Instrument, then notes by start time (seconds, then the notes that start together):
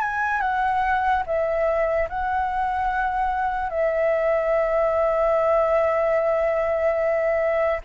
flute
0.00 G#5
0.40 F#5
1.26 E5
2.09 F#5
3.69 E5